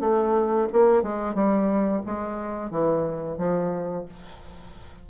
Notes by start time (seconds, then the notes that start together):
0.00 A3
0.72 A#3
1.02 G#3
1.34 G3
2.06 G#3
2.70 E3
3.37 F3